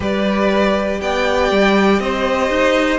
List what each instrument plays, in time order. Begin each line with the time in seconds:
0.00 cello G3, viola G4, violin B4 D5
1.00 cello B3, violin D5 G5
1.50 cello G3
1.99 cello C4, violin C5 D#5
2.49 cello D#4